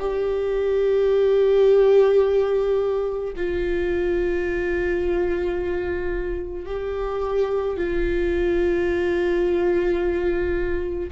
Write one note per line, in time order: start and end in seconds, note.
0.00 3.33 G4
3.36 6.66 F4
6.66 7.77 G4
7.77 11.11 F4